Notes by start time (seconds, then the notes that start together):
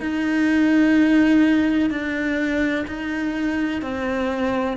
0.00 D#4
1.90 D4
2.87 D#4
3.82 C4